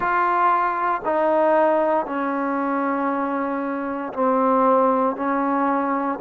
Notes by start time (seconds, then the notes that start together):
0.00 F4
1.04 D#4
2.05 C#4
4.13 C4
5.15 C#4